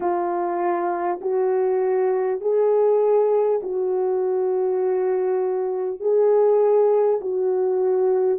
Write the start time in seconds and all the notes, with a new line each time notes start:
0.00 F4
1.21 F#4
2.41 G#4
3.63 F#4
6.00 G#4
7.20 F#4